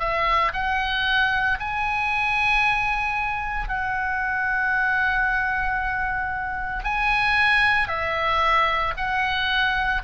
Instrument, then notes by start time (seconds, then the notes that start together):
oboe
0.00 E5
0.54 F#5
1.60 G#5
3.69 F#5
6.84 G#5
7.88 E5
8.97 F#5